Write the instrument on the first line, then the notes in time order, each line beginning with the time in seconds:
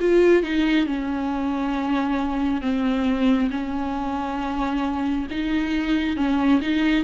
viola
0.00 F4
0.43 D#4
0.86 C#4
2.61 C4
3.51 C#4
5.31 D#4
6.16 C#4
6.61 D#4